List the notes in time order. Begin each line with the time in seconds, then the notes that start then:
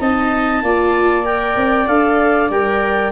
0.00 C4 D#4 D#5 A5
0.62 A#3 F4 D5
1.24 A#4 G5
1.56 C4
1.87 D4 A4 F5
2.50 G3 A#4 G5